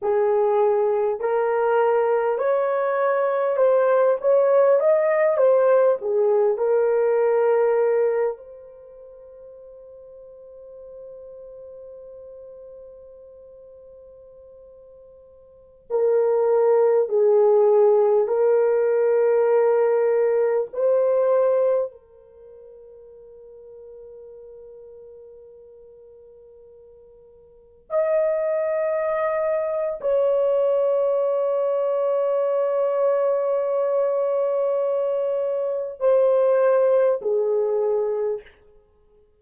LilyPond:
\new Staff \with { instrumentName = "horn" } { \time 4/4 \tempo 4 = 50 gis'4 ais'4 cis''4 c''8 cis''8 | dis''8 c''8 gis'8 ais'4. c''4~ | c''1~ | c''4~ c''16 ais'4 gis'4 ais'8.~ |
ais'4~ ais'16 c''4 ais'4.~ ais'16~ | ais'2.~ ais'16 dis''8.~ | dis''4 cis''2.~ | cis''2 c''4 gis'4 | }